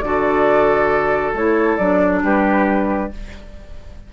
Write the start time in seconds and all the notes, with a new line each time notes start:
0.00 D3 F#4 A4 D5
1.34 A3 E4 C#5
1.77 F#3 D4 D5
2.23 G3 G4 B4